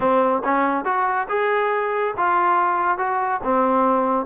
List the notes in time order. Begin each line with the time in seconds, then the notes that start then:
0.00 C4
0.44 C#4
0.84 F#4
1.28 G#4
2.17 F4
2.97 F#4
3.43 C4